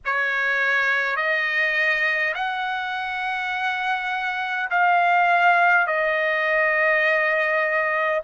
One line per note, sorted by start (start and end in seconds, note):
0.05 1.16 C#5
1.16 2.34 D#5
2.34 4.69 F#5
4.70 5.87 F5
5.87 8.22 D#5